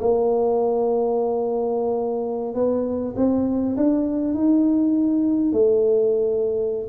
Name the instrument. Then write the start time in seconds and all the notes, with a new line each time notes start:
tuba
0.00 A#3
2.54 B3
3.16 C4
3.77 D4
4.34 D#4
5.53 A3